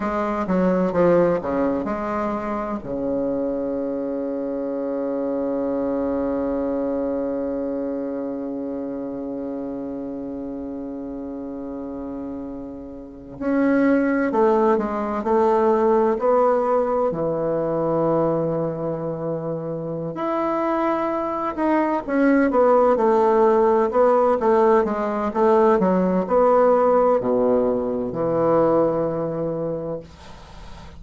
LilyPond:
\new Staff \with { instrumentName = "bassoon" } { \time 4/4 \tempo 4 = 64 gis8 fis8 f8 cis8 gis4 cis4~ | cis1~ | cis1~ | cis2~ cis16 cis'4 a8 gis16~ |
gis16 a4 b4 e4.~ e16~ | e4. e'4. dis'8 cis'8 | b8 a4 b8 a8 gis8 a8 fis8 | b4 b,4 e2 | }